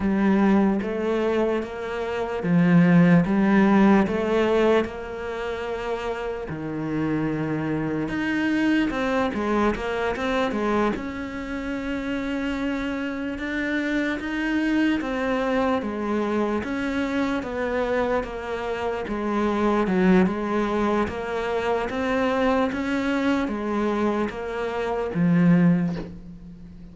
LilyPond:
\new Staff \with { instrumentName = "cello" } { \time 4/4 \tempo 4 = 74 g4 a4 ais4 f4 | g4 a4 ais2 | dis2 dis'4 c'8 gis8 | ais8 c'8 gis8 cis'2~ cis'8~ |
cis'8 d'4 dis'4 c'4 gis8~ | gis8 cis'4 b4 ais4 gis8~ | gis8 fis8 gis4 ais4 c'4 | cis'4 gis4 ais4 f4 | }